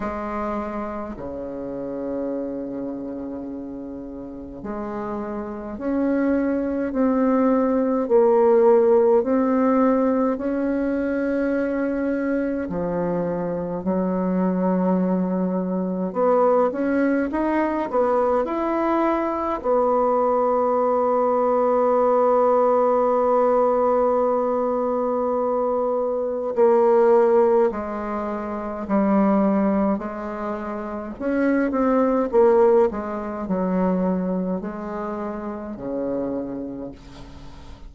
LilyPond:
\new Staff \with { instrumentName = "bassoon" } { \time 4/4 \tempo 4 = 52 gis4 cis2. | gis4 cis'4 c'4 ais4 | c'4 cis'2 f4 | fis2 b8 cis'8 dis'8 b8 |
e'4 b2.~ | b2. ais4 | gis4 g4 gis4 cis'8 c'8 | ais8 gis8 fis4 gis4 cis4 | }